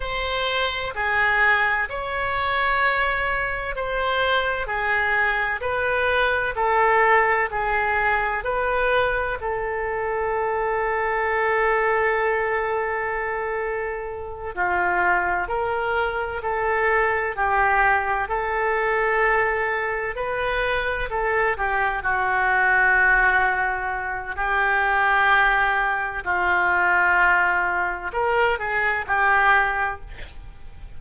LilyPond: \new Staff \with { instrumentName = "oboe" } { \time 4/4 \tempo 4 = 64 c''4 gis'4 cis''2 | c''4 gis'4 b'4 a'4 | gis'4 b'4 a'2~ | a'2.~ a'8 f'8~ |
f'8 ais'4 a'4 g'4 a'8~ | a'4. b'4 a'8 g'8 fis'8~ | fis'2 g'2 | f'2 ais'8 gis'8 g'4 | }